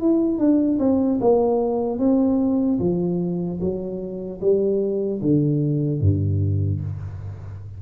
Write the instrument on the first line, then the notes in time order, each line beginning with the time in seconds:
tuba
0.00 E4
0.39 D4
0.79 C4
1.20 A#3
1.99 C4
2.79 F3
3.60 F#3
4.41 G3
5.21 D3
6.01 G2